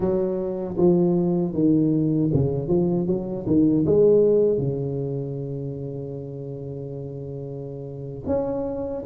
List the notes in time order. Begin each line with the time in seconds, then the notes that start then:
0.00 F#3
0.77 F3
1.53 D#3
2.33 C#3
2.68 F3
3.07 F#3
3.46 D#3
3.86 G#3
4.58 C#3
8.26 C#4